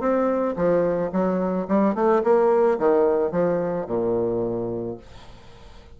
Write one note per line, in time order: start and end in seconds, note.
0.00 0.55 C4
0.56 1.11 F3
1.12 1.67 F#3
1.68 1.95 G3
1.95 2.22 A3
2.24 2.79 A#3
2.79 3.32 D#3
3.32 3.87 F3
3.87 4.97 A#2